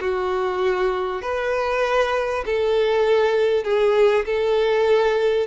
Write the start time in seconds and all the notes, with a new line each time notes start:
0.00 F#4
1.22 B4
2.45 A4
3.64 G#4
4.26 A4